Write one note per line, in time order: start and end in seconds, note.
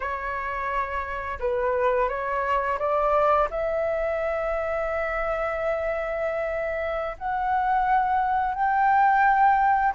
0.00 1.39 C#5
1.39 2.08 B4
2.08 2.78 C#5
2.78 3.48 D5
3.50 7.16 E5
7.18 8.54 F#5
8.54 9.94 G5